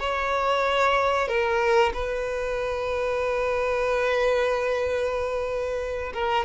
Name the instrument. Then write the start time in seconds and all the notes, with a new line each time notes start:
violin
0.00 C#5
1.28 A#4
1.94 B4
6.13 A#4